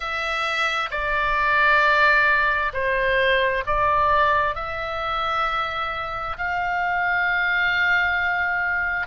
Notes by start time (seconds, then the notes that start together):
0.00 E5
0.90 D5
2.73 C5
3.66 D5
4.55 E5
6.37 F5